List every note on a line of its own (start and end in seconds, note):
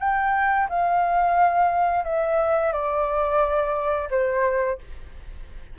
0.00 0.68 G5
0.70 2.05 F5
2.05 2.73 E5
2.73 4.09 D5
4.11 4.79 C5